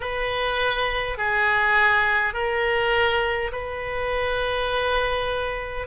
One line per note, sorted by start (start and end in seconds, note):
0.00 1.17 B4
1.17 2.33 G#4
2.33 3.51 A#4
3.52 5.87 B4